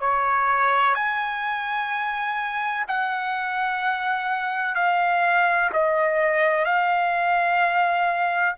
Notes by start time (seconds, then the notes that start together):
0.00 C#5
0.95 G#5
2.88 F#5
4.75 F5
5.73 D#5
6.65 F5